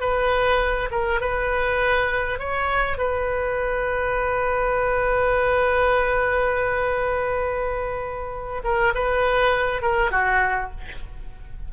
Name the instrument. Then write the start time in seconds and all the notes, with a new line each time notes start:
oboe
0.00 B4
0.91 A#4
1.20 B4
2.38 C#5
2.98 B4
8.64 A#4
8.94 B4
9.82 A#4
10.11 F#4